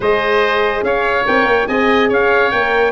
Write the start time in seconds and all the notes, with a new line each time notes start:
0.00 G#3 G#4 C5 D#5
0.82 C#4 C#5 F5
1.25 C4 A#4 G5
1.43 A#3
1.67 C4 G#4 D#5 G#5
2.08 C#4 C#5 F5
2.51 A#3 A#4 G5